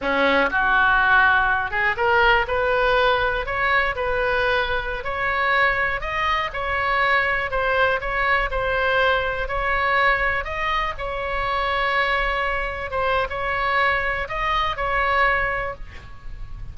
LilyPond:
\new Staff \with { instrumentName = "oboe" } { \time 4/4 \tempo 4 = 122 cis'4 fis'2~ fis'8 gis'8 | ais'4 b'2 cis''4 | b'2~ b'16 cis''4.~ cis''16~ | cis''16 dis''4 cis''2 c''8.~ |
c''16 cis''4 c''2 cis''8.~ | cis''4~ cis''16 dis''4 cis''4.~ cis''16~ | cis''2~ cis''16 c''8. cis''4~ | cis''4 dis''4 cis''2 | }